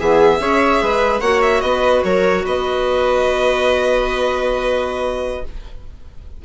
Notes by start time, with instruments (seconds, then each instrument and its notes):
0.00 bassoon E3, clarinet B3, viola G#4, violin E5
0.40 bassoon C#4, clarinet G#4, viola C#5
0.82 bassoon G#3, viola B4
1.21 bassoon A#3, clarinet F#4, viola C#5, violin F#5
1.42 violin E5
1.62 bassoon B3, viola B4, violin D#5
2.04 bassoon F#3, viola A#4, violin C#5
2.45 bassoon B3, viola B4, violin D#5